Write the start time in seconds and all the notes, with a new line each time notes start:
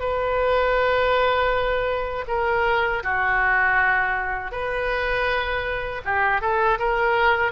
0.00 B4
2.28 A#4
3.03 F#4
4.52 B4
6.05 G4
6.41 A4
6.79 A#4